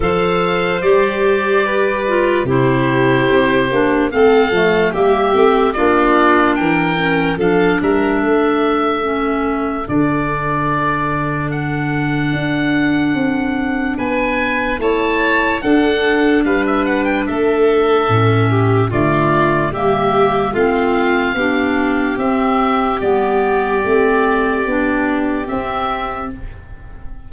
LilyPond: <<
  \new Staff \with { instrumentName = "oboe" } { \time 4/4 \tempo 4 = 73 f''4 d''2 c''4~ | c''4 f''4 e''4 d''4 | g''4 f''8 e''2~ e''8 | d''2 fis''2~ |
fis''4 gis''4 a''4 fis''4 | f''16 e''16 fis''16 g''16 e''2 d''4 | e''4 f''2 e''4 | d''2. e''4 | }
  \new Staff \with { instrumentName = "violin" } { \time 4/4 c''2 b'4 g'4~ | g'4 a'4 g'4 f'4 | ais'4 a'8 ais'8 a'2~ | a'1~ |
a'4 b'4 cis''4 a'4 | b'4 a'4. g'8 f'4 | g'4 f'4 g'2~ | g'1 | }
  \new Staff \with { instrumentName = "clarinet" } { \time 4/4 a'4 g'4. f'8 e'4~ | e'8 d'8 c'8 a8 ais8 c'8 d'4~ | d'8 cis'8 d'2 cis'4 | d'1~ |
d'2 e'4 d'4~ | d'2 cis'4 a4 | ais4 c'4 d'4 c'4 | b4 c'4 d'4 c'4 | }
  \new Staff \with { instrumentName = "tuba" } { \time 4/4 f4 g2 c4 | c'8 ais8 a8 f8 g8 a8 ais4 | e4 f8 g8 a2 | d2. d'4 |
c'4 b4 a4 d'4 | g4 a4 a,4 d4 | g4 a4 b4 c'4 | g4 a4 b4 c'4 | }
>>